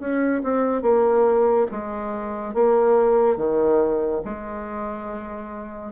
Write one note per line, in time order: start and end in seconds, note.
0.00 0.42 C#4
0.44 0.83 C4
0.83 1.67 A#3
1.72 2.54 G#3
2.54 3.37 A#3
3.37 4.22 D#3
4.25 5.93 G#3